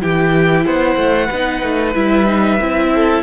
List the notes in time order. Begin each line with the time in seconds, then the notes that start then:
0.00 E3 E4 G4 G5
0.66 B3 C5 F#5
0.96 A3
1.27 B3 B4
1.33 D#4
1.62 A3
1.94 G3 E4 E5
2.26 D#4
2.60 C4 E4
2.95 A4